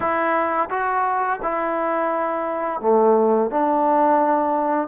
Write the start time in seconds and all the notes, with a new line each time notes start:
0.00 E4
0.69 F#4
1.42 E4
2.81 A3
3.50 D4